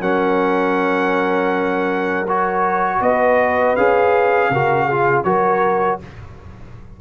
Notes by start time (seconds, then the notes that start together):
0.00 F#3 C#4 A#4 F#5
2.27 F#4 C#5
3.00 B3 B4 D#5
3.76 C#4 G#4 F5
4.50 C#3 F#4 A#4
4.86 F4 G#4
5.23 F#3 F#4 A#4 C#5